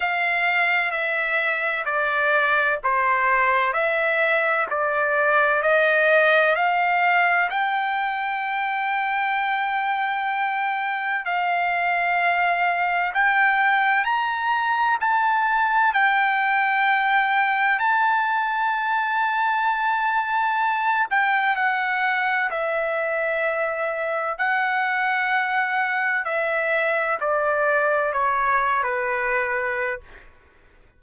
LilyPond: \new Staff \with { instrumentName = "trumpet" } { \time 4/4 \tempo 4 = 64 f''4 e''4 d''4 c''4 | e''4 d''4 dis''4 f''4 | g''1 | f''2 g''4 ais''4 |
a''4 g''2 a''4~ | a''2~ a''8 g''8 fis''4 | e''2 fis''2 | e''4 d''4 cis''8. b'4~ b'16 | }